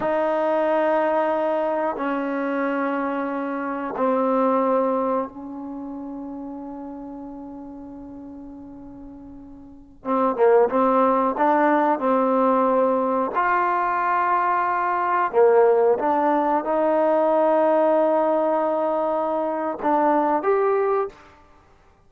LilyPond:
\new Staff \with { instrumentName = "trombone" } { \time 4/4 \tempo 4 = 91 dis'2. cis'4~ | cis'2 c'2 | cis'1~ | cis'2.~ cis'16 c'8 ais16~ |
ais16 c'4 d'4 c'4.~ c'16~ | c'16 f'2. ais8.~ | ais16 d'4 dis'2~ dis'8.~ | dis'2 d'4 g'4 | }